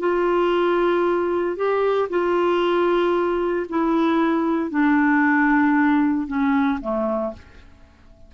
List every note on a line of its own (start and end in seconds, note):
0.00 1.57 F4
1.57 2.09 G4
2.10 3.66 F4
3.69 4.71 E4
4.71 6.27 D4
6.27 6.79 C#4
6.81 7.34 A3